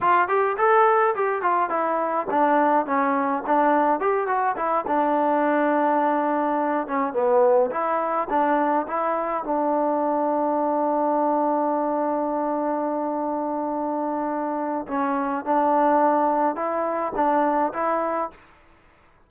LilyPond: \new Staff \with { instrumentName = "trombone" } { \time 4/4 \tempo 4 = 105 f'8 g'8 a'4 g'8 f'8 e'4 | d'4 cis'4 d'4 g'8 fis'8 | e'8 d'2.~ d'8 | cis'8 b4 e'4 d'4 e'8~ |
e'8 d'2.~ d'8~ | d'1~ | d'2 cis'4 d'4~ | d'4 e'4 d'4 e'4 | }